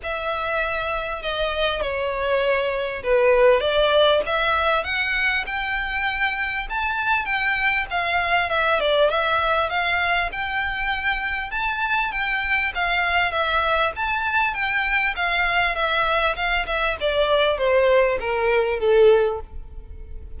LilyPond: \new Staff \with { instrumentName = "violin" } { \time 4/4 \tempo 4 = 99 e''2 dis''4 cis''4~ | cis''4 b'4 d''4 e''4 | fis''4 g''2 a''4 | g''4 f''4 e''8 d''8 e''4 |
f''4 g''2 a''4 | g''4 f''4 e''4 a''4 | g''4 f''4 e''4 f''8 e''8 | d''4 c''4 ais'4 a'4 | }